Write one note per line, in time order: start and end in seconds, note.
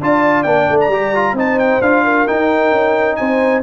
0.00 0.45 D4
0.00 0.46 F4
0.00 1.36 D5
0.00 0.43 A5
0.43 0.67 A#3
0.43 0.92 D4
0.43 0.77 G5
0.70 0.89 A3
0.80 1.37 A#5
0.89 1.33 G3
0.89 1.15 G4
1.15 1.37 F4
1.33 1.79 C4
1.33 1.82 D#4
1.33 2.04 C5
1.33 1.59 A5
1.59 1.82 G5
1.81 2.27 D4
1.81 2.27 F4
1.81 2.27 F5
2.04 3.18 A#4
2.27 3.64 D#4
2.27 2.71 D#4
2.27 3.16 G5
2.71 3.17 C#4
3.16 3.64 C4
3.16 3.64 C5
3.16 3.61 G#5